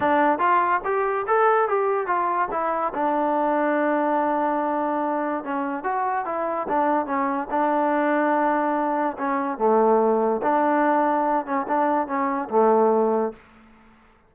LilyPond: \new Staff \with { instrumentName = "trombone" } { \time 4/4 \tempo 4 = 144 d'4 f'4 g'4 a'4 | g'4 f'4 e'4 d'4~ | d'1~ | d'4 cis'4 fis'4 e'4 |
d'4 cis'4 d'2~ | d'2 cis'4 a4~ | a4 d'2~ d'8 cis'8 | d'4 cis'4 a2 | }